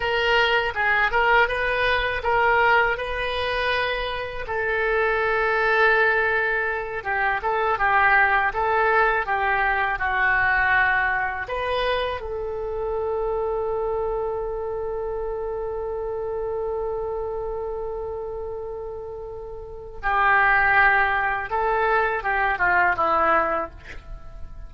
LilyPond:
\new Staff \with { instrumentName = "oboe" } { \time 4/4 \tempo 4 = 81 ais'4 gis'8 ais'8 b'4 ais'4 | b'2 a'2~ | a'4. g'8 a'8 g'4 a'8~ | a'8 g'4 fis'2 b'8~ |
b'8 a'2.~ a'8~ | a'1~ | a'2. g'4~ | g'4 a'4 g'8 f'8 e'4 | }